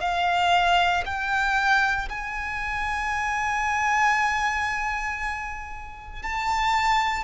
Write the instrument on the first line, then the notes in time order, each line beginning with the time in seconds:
violin
0.00 F5
1.05 G5
2.09 G#5
6.23 A5